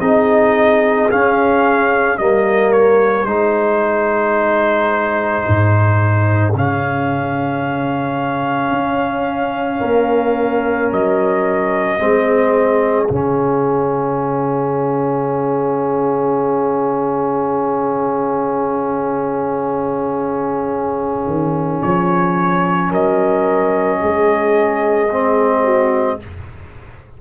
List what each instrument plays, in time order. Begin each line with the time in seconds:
0.00 tuba C4, trombone D#4, horn G#4, trumpet D#5
1.10 trombone C#4, tuba C#4, trumpet F5
2.18 tuba G3, trombone A#3, horn A#4, trumpet D#5
2.72 trumpet C#5
3.25 tuba G#3, trombone D#4, horn G#4, trumpet C5
5.48 tuba G#2
6.55 tuba C#3, trombone C#4, trumpet F5
8.71 tuba C#4
9.79 tuba A#3, horn A#4
10.92 tuba F#3, trumpet D#5
11.99 tuba G#3, trombone C4, horn G#4
13.07 tuba C#3, trombone C#4, trumpet F5
21.27 tuba D#3
21.82 tuba F3, trumpet C#5
22.90 tuba F#3, horn A#4, trumpet D#5
24.00 tuba G#3, horn G#4
25.10 trombone C4
25.64 horn F#4